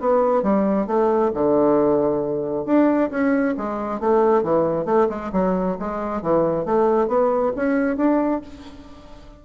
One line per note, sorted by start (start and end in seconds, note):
0.00 0.42 B3
0.42 0.87 G3
0.87 1.31 A3
1.34 2.65 D3
2.65 3.10 D4
3.10 3.55 C#4
3.57 4.00 G#3
4.00 4.43 A3
4.43 4.85 E3
4.85 5.07 A3
5.09 5.31 G#3
5.32 5.77 F#3
5.79 6.22 G#3
6.22 6.65 E3
6.65 7.08 A3
7.08 7.52 B3
7.56 7.97 C#4
7.97 8.41 D4